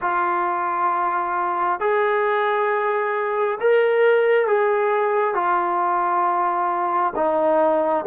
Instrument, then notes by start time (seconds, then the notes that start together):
trombone
0.01 F4
1.80 G#4
3.60 A#4
4.47 G#4
5.34 F4
7.15 D#4